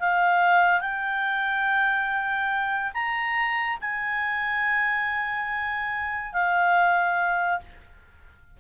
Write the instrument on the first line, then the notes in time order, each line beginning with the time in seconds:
clarinet
0.00 F5
0.81 G5
2.94 A#5
3.81 G#5
6.33 F5